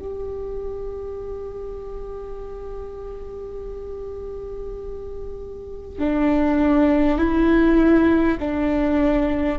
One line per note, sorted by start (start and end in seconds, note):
0.00 5.99 G4
5.99 7.18 D4
7.18 8.38 E4
8.40 9.59 D4